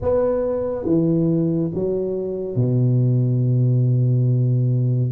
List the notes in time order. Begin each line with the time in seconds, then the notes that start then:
0.01 B3
0.85 E3
1.74 F#3
2.55 B2